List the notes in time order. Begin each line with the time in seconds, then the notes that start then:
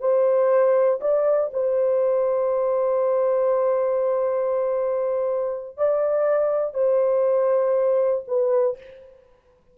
0.00 C5
1.01 D5
1.53 C5
5.77 D5
6.74 C5
8.28 B4